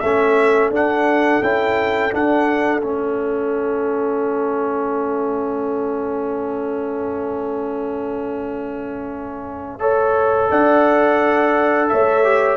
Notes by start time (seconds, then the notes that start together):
0.00 A3 C#4 A4 E5
0.71 D4 F#5
1.42 C#4 E4 G5
2.12 D4 F#5
2.81 A3 C#4 E5
9.80 A4 C#5
10.51 D4 D5 F#5
11.89 A3 C#5 E5
12.24 G4